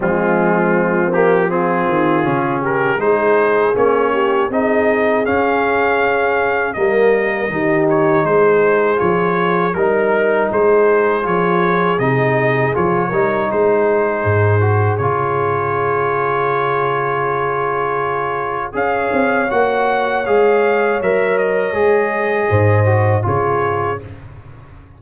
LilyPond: <<
  \new Staff \with { instrumentName = "trumpet" } { \time 4/4 \tempo 4 = 80 f'4. g'8 gis'4. ais'8 | c''4 cis''4 dis''4 f''4~ | f''4 dis''4. cis''8 c''4 | cis''4 ais'4 c''4 cis''4 |
dis''4 cis''4 c''2 | cis''1~ | cis''4 f''4 fis''4 f''4 | e''8 dis''2~ dis''8 cis''4 | }
  \new Staff \with { instrumentName = "horn" } { \time 4/4 c'2 f'4. g'8 | gis'4. g'8 gis'2~ | gis'4 ais'4 g'4 gis'4~ | gis'4 ais'4 gis'2~ |
gis'4. ais'8 gis'2~ | gis'1~ | gis'4 cis''2.~ | cis''2 c''4 gis'4 | }
  \new Staff \with { instrumentName = "trombone" } { \time 4/4 gis4. ais8 c'4 cis'4 | dis'4 cis'4 dis'4 cis'4~ | cis'4 ais4 dis'2 | f'4 dis'2 f'4 |
dis'4 f'8 dis'2 fis'8 | f'1~ | f'4 gis'4 fis'4 gis'4 | ais'4 gis'4. fis'8 f'4 | }
  \new Staff \with { instrumentName = "tuba" } { \time 4/4 f2~ f8 dis8 cis4 | gis4 ais4 c'4 cis'4~ | cis'4 g4 dis4 gis4 | f4 g4 gis4 f4 |
c4 f8 g8 gis4 gis,4 | cis1~ | cis4 cis'8 c'8 ais4 gis4 | fis4 gis4 gis,4 cis4 | }
>>